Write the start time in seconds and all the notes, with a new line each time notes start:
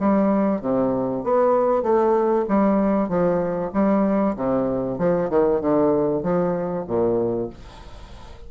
0.00 G3
0.61 C3
1.24 B3
1.83 A3
2.49 G3
3.09 F3
3.73 G3
4.36 C3
4.99 F3
5.30 D#3
5.61 D3
6.23 F3
6.88 A#2